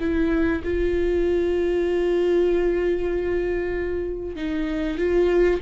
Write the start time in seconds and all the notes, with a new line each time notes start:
0.00 E4
0.64 F4
4.36 D#4
4.97 F4